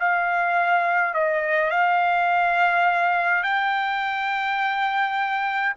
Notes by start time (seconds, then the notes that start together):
0.00 F5
1.14 D#5
1.71 F5
3.44 G5